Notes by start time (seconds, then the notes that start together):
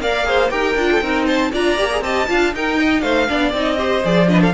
0.00 A#3 A#4 D5 F5
0.24 G#4 C5
0.50 D#4 G4 A#4 G5
0.76 D4 F4
0.92 A4
1.01 C4 D#4 A#4
1.26 C5 A5
1.52 D4 F4 D5 A#5
1.78 A#3 G4
1.91 G#4
2.01 C4 G4 D#5 A5
2.28 D4 F4 F5
2.53 D#4 A#4 G5
2.80 D#5
3.01 A3 C5 F5
3.28 B3 D4 D5
3.53 C4 D#4
3.60 D#5
3.78 G4 C5
4.04 F3 G#4 D5
4.28 D4 B4 D#5
4.41 A4 F5